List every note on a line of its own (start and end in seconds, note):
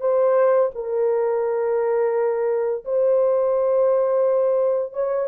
0.00 0.70 C5
0.75 2.84 A#4
2.84 4.93 C5
4.93 5.28 C#5